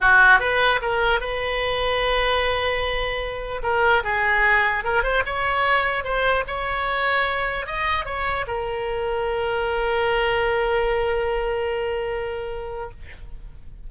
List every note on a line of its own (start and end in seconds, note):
0.00 0.39 F#4
0.39 0.79 B4
0.81 1.20 A#4
1.20 3.62 B4
3.63 4.03 A#4
4.03 4.84 G#4
4.84 5.03 A#4
5.03 5.23 C5
5.25 6.03 C#5
6.03 6.44 C5
6.47 7.66 C#5
7.66 8.05 D#5
8.05 8.45 C#5
8.47 12.90 A#4